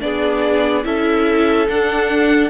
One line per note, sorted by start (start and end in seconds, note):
0.00 0.85 B3
0.00 0.83 D4
0.00 0.86 G#4
0.00 0.85 D5
0.84 1.68 C#4
0.84 1.67 E4
0.84 2.50 A4
0.84 1.68 E5
1.68 2.50 D4
1.68 2.50 F#5